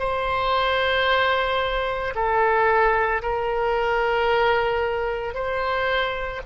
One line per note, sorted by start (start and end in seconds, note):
0.00 2.14 C5
2.15 3.22 A4
3.22 5.34 A#4
5.34 6.41 C5